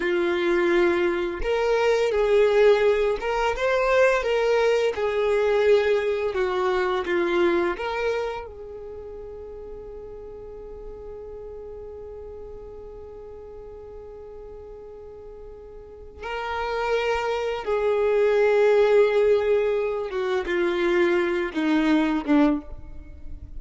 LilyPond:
\new Staff \with { instrumentName = "violin" } { \time 4/4 \tempo 4 = 85 f'2 ais'4 gis'4~ | gis'8 ais'8 c''4 ais'4 gis'4~ | gis'4 fis'4 f'4 ais'4 | gis'1~ |
gis'1~ | gis'2. ais'4~ | ais'4 gis'2.~ | gis'8 fis'8 f'4. dis'4 d'8 | }